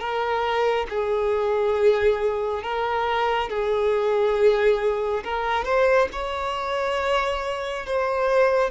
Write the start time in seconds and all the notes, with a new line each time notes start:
0.00 A#4
0.89 G#4
2.63 A#4
3.49 G#4
5.24 A#4
5.65 C5
6.12 C#5
7.86 C5